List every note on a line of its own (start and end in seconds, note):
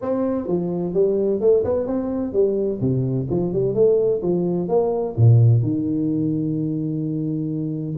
0.01 0.47 C4
0.47 0.93 F3
0.93 1.40 G3
1.40 1.63 A3
1.64 1.86 B3
1.86 2.32 C4
2.32 2.79 G3
2.80 3.27 C3
3.30 3.52 F3
3.52 3.74 G3
3.74 4.21 A3
4.22 4.68 F3
4.68 5.15 A#3
5.16 5.62 A#2
5.62 7.96 D#3